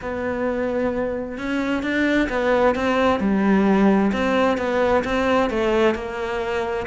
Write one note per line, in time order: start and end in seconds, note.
0.01 1.37 B3
1.37 1.82 C#4
1.82 2.28 D4
2.29 2.75 B3
2.75 3.20 C4
3.20 4.11 G3
4.12 4.57 C4
4.57 5.03 B3
5.04 5.49 C4
5.49 5.95 A3
5.95 6.86 A#3